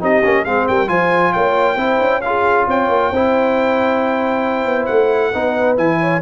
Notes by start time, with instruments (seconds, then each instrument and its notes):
0.00 tuba C4, trombone D#4, horn G4, trumpet D#5
0.24 tuba A#3, trombone C#4
0.44 tuba G#3, trombone C4, horn G#4, trumpet F5
0.68 tuba G3, horn A#4, trumpet G5
0.87 tuba F3, trombone F4, horn C5, trumpet G#5
1.33 tuba A#3, horn C#5, trumpet G5
1.76 tuba C4, trombone E4, horn C5
2.00 tuba C#4
2.21 trombone F4, horn G#4, trumpet F5
2.67 tuba C4, horn C#5, trumpet G5
2.89 tuba A#3
3.11 tuba C4, trombone E4, horn C5
4.66 tuba B3
4.86 tuba A3, trumpet F#5
5.34 tuba B3, trombone D#4, horn B4
5.77 tuba E3, trombone E4, trumpet G#5
6.00 horn C#5